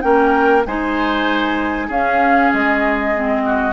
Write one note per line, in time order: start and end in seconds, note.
0.00 0.65 A#3
0.00 0.62 C#4
0.00 0.66 A#4
0.00 0.62 G5
0.65 1.88 G#3
0.65 1.91 D#4
0.65 1.87 C5
0.65 1.89 G#5
1.87 2.50 C#4
1.87 3.14 C#4
1.87 3.41 G#4
1.87 2.52 F5
2.53 3.73 G#3
2.53 3.73 D#5
3.14 3.73 C4
3.45 3.73 F#4